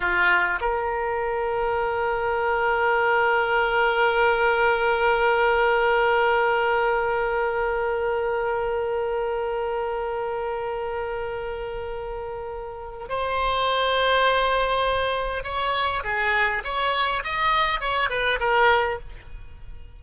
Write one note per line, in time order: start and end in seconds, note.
0.00 0.59 F4
0.60 13.08 A#4
13.09 15.43 C5
15.43 16.03 C#5
16.03 16.63 G#4
16.63 17.23 C#5
17.24 17.80 D#5
17.80 18.09 C#5
18.09 18.39 B4
18.39 18.99 A#4